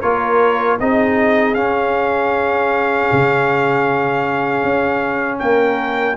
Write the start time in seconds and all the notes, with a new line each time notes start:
0.00 A#3 F4 A#4 C#5
0.79 C4 D#4 G#4 D#5
1.54 C#4 F5
3.12 C#3
4.63 C#4
5.39 A#3 A#4 G5